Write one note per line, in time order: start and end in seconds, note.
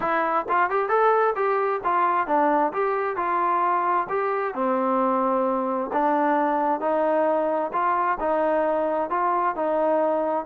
0.00 0.45 E4
0.48 0.69 F4
0.69 0.88 G4
0.88 1.34 A4
1.35 1.81 G4
1.83 2.27 F4
2.27 2.72 D4
2.72 3.16 G4
3.16 4.07 F4
4.09 4.54 G4
4.54 5.90 C4
5.92 6.80 D4
6.80 7.71 D#4
7.72 8.18 F4
8.19 9.10 D#4
9.10 9.55 F4
9.55 10.45 D#4